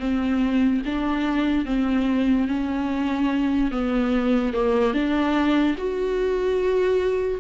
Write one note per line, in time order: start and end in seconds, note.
0.00 0.82 C4
0.86 1.66 D4
1.66 2.48 C4
2.48 3.71 C#4
3.71 4.54 B3
4.54 4.94 A#3
4.94 5.76 D4
5.78 7.40 F#4